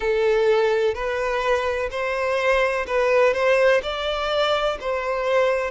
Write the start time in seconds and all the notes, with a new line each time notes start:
0.00 A4
0.94 B4
1.90 C5
2.86 B4
3.33 C5
3.83 D5
4.80 C5